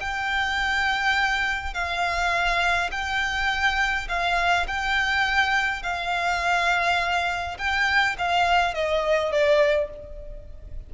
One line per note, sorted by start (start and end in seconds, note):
0.00 1.74 G5
1.74 2.90 F5
2.91 4.08 G5
4.08 4.67 F5
4.67 5.83 G5
5.83 7.57 F5
7.58 8.16 G5
8.18 8.74 F5
8.74 9.32 D#5
9.32 9.90 D5